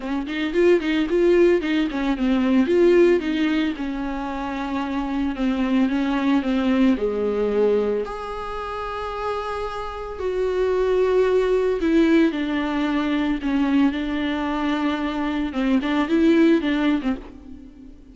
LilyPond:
\new Staff \with { instrumentName = "viola" } { \time 4/4 \tempo 4 = 112 cis'8 dis'8 f'8 dis'8 f'4 dis'8 cis'8 | c'4 f'4 dis'4 cis'4~ | cis'2 c'4 cis'4 | c'4 gis2 gis'4~ |
gis'2. fis'4~ | fis'2 e'4 d'4~ | d'4 cis'4 d'2~ | d'4 c'8 d'8 e'4 d'8. c'16 | }